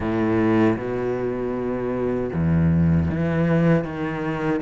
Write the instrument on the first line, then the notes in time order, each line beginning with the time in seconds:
cello
0.00 A2
0.76 B2
2.33 E2
3.10 E3
3.84 D#3